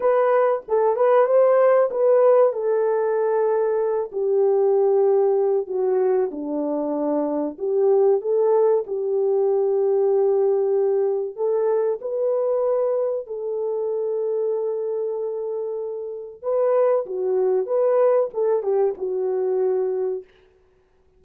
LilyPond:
\new Staff \with { instrumentName = "horn" } { \time 4/4 \tempo 4 = 95 b'4 a'8 b'8 c''4 b'4 | a'2~ a'8 g'4.~ | g'4 fis'4 d'2 | g'4 a'4 g'2~ |
g'2 a'4 b'4~ | b'4 a'2.~ | a'2 b'4 fis'4 | b'4 a'8 g'8 fis'2 | }